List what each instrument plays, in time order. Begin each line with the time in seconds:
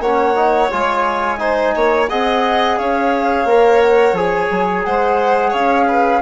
0.00 bassoon A#3, trombone C#4, violin C#5, flute F#5
0.36 trombone D#4
0.71 bassoon G#3, trombone F4, flute G#5
1.39 trombone D#4, violin C5
1.76 bassoon A#3, violin C#5
2.09 bassoon C4, trombone G#4, violin D#5, flute F#5
2.78 bassoon C#4, violin C#5, flute F5
3.45 bassoon A#3, trombone A#4
3.81 flute F#5
4.13 bassoon F3, trombone G#4, flute G#5
4.51 bassoon F#3
4.85 bassoon G#3, violin C5, flute F#5
5.50 bassoon C#4, violin C#5, flute F5
5.88 violin B4